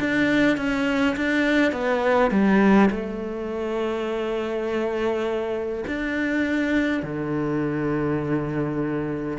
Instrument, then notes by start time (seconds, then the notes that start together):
cello
0.00 D4
0.57 C#4
1.17 D4
1.72 B3
2.31 G3
2.90 A3
5.87 D4
7.03 D3